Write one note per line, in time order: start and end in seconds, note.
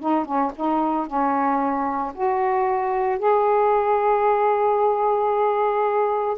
0.00 0.25 D#4
0.25 0.52 C#4
0.56 1.07 D#4
1.07 2.13 C#4
2.15 3.19 F#4
3.19 6.38 G#4